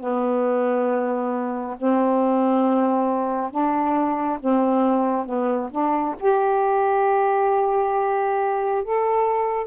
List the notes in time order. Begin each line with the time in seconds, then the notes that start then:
0.00 B3
1.77 C4
3.51 D4
4.39 C4
5.25 B3
5.71 D4
6.19 G4
8.84 A4